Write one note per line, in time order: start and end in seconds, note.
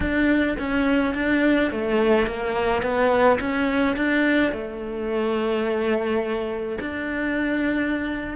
0.00 0.57 D4
0.58 1.14 C#4
1.14 1.71 D4
1.71 2.26 A3
2.26 2.82 A#3
2.82 3.39 B3
3.40 3.96 C#4
3.96 4.52 D4
4.52 6.78 A3
6.80 8.36 D4